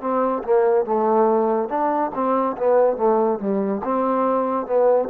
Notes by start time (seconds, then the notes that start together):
0.00 C4
0.43 A#3
0.85 A3
1.68 D4
2.14 C4
2.57 B3
2.97 A3
3.39 G3
3.84 C4
4.66 B3